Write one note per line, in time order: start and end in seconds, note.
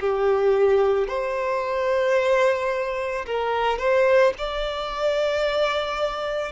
0.00 1.07 G4
1.07 3.25 C5
3.26 3.78 A#4
3.78 4.33 C5
4.38 6.52 D5